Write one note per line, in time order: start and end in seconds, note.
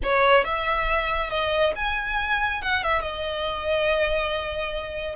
0.03 0.44 C#5
0.44 1.30 E5
1.30 1.73 D#5
1.75 2.62 G#5
2.62 2.83 F#5
2.83 3.01 E5
3.01 5.15 D#5